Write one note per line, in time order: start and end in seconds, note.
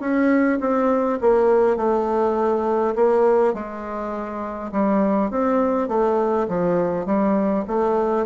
0.00 0.59 C#4
0.60 1.19 C4
1.21 1.76 A#3
1.76 2.94 A3
2.95 3.53 A#3
3.53 4.71 G#3
4.72 5.30 G3
5.30 5.88 C4
5.88 6.47 A3
6.48 7.05 F3
7.05 7.64 G3
7.67 8.26 A3